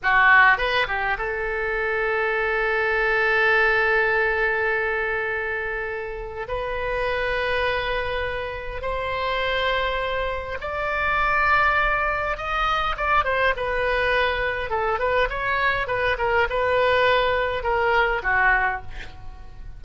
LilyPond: \new Staff \with { instrumentName = "oboe" } { \time 4/4 \tempo 4 = 102 fis'4 b'8 g'8 a'2~ | a'1~ | a'2. b'4~ | b'2. c''4~ |
c''2 d''2~ | d''4 dis''4 d''8 c''8 b'4~ | b'4 a'8 b'8 cis''4 b'8 ais'8 | b'2 ais'4 fis'4 | }